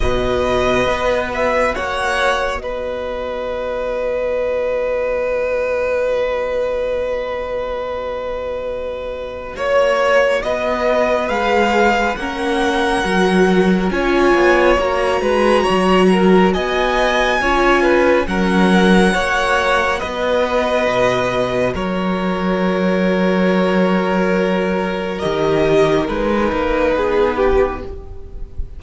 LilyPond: <<
  \new Staff \with { instrumentName = "violin" } { \time 4/4 \tempo 4 = 69 dis''4. e''8 fis''4 dis''4~ | dis''1~ | dis''2. cis''4 | dis''4 f''4 fis''2 |
gis''4 ais''2 gis''4~ | gis''4 fis''2 dis''4~ | dis''4 cis''2.~ | cis''4 dis''4 b'2 | }
  \new Staff \with { instrumentName = "violin" } { \time 4/4 b'2 cis''4 b'4~ | b'1~ | b'2. cis''4 | b'2 ais'2 |
cis''4. b'8 cis''8 ais'8 dis''4 | cis''8 b'8 ais'4 cis''4 b'4~ | b'4 ais'2.~ | ais'2. gis'8 g'8 | }
  \new Staff \with { instrumentName = "viola" } { \time 4/4 fis'1~ | fis'1~ | fis'1~ | fis'4 gis'4 cis'4 fis'4 |
f'4 fis'2. | f'4 cis'4 fis'2~ | fis'1~ | fis'4 g'4 dis'2 | }
  \new Staff \with { instrumentName = "cello" } { \time 4/4 b,4 b4 ais4 b4~ | b1~ | b2. ais4 | b4 gis4 ais4 fis4 |
cis'8 b8 ais8 gis8 fis4 b4 | cis'4 fis4 ais4 b4 | b,4 fis2.~ | fis4 dis4 gis8 ais8 b4 | }
>>